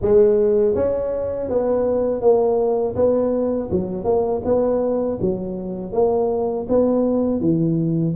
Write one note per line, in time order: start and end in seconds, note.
0.01 0.74 G#3
0.74 1.48 C#4
1.48 2.21 B3
2.21 2.95 A#3
2.95 3.69 B3
3.71 4.04 F#3
4.04 4.41 A#3
4.44 5.19 B3
5.21 5.92 F#3
5.92 6.66 A#3
6.69 7.40 B3
7.40 8.14 E3